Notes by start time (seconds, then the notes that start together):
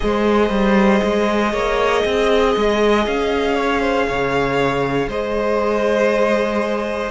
0.00 G#3 G#4 C5 D#5
0.49 G3
1.03 G#3
1.52 A#3 C#5
2.02 C4 D#5
2.56 G#3
3.06 C#4 F5
3.55 C#5
3.80 C5
4.08 C#3 C#5
5.07 G#3 C5 D#5